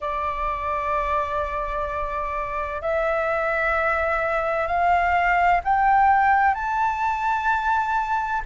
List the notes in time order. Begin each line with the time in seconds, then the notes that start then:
0.00 D5
2.81 E5
4.67 F5
5.64 G5
6.54 A5